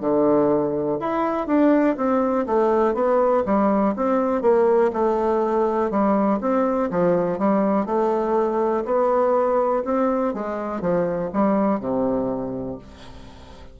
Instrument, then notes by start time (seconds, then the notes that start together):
bassoon
0.00 D3
1.00 E4
1.47 D4
1.96 C4
2.46 A3
2.94 B3
3.45 G3
3.96 C4
4.41 A#3
4.93 A3
5.90 G3
6.40 C4
6.90 F3
7.38 G3
7.86 A3
8.85 B3
9.84 C4
10.34 G#3
10.81 F3
11.32 G3
11.80 C3